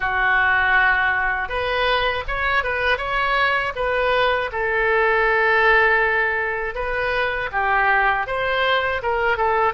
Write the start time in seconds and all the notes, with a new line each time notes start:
0.00 F#4
1.48 B4
2.27 C#5
2.63 B4
2.97 C#5
3.75 B4
4.52 A4
6.74 B4
7.52 G4
8.26 C5
9.02 A#4
9.37 A4